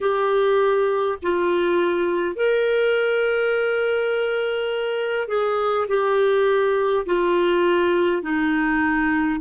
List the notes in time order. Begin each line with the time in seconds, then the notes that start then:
0.00 G4
1.22 F4
2.35 A#4
5.28 G#4
5.88 G4
7.06 F4
8.22 D#4